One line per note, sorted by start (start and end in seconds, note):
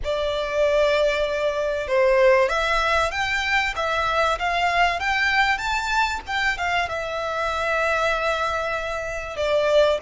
0.03 1.87 D5
1.87 2.48 C5
2.48 3.11 E5
3.11 3.73 G5
3.76 4.38 E5
4.38 4.99 F5
4.99 5.58 G5
5.58 6.20 A5
6.26 6.57 G5
6.57 6.88 F5
6.89 9.36 E5
9.36 9.99 D5